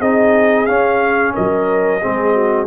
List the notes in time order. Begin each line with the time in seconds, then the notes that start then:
0.00 C4 D#4 G#4 D#5
0.67 C#4 F5
1.34 F#3 A#4 D#5
2.01 G#3 C4 G#4
2.34 F#4